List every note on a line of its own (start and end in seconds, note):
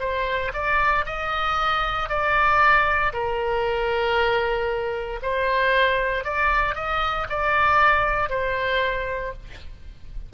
0.00 0.52 C5
0.54 1.05 D5
1.06 2.09 D#5
2.09 3.13 D5
3.13 5.20 A#4
5.22 6.24 C5
6.24 6.75 D5
6.75 7.27 D#5
7.29 8.29 D5
8.29 9.33 C5